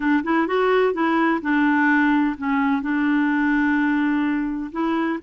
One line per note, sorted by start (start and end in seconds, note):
0.00 0.23 D4
0.23 0.47 E4
0.47 0.93 F#4
0.93 1.40 E4
1.41 2.36 D4
2.37 2.82 C#4
2.82 4.71 D4
4.71 5.19 E4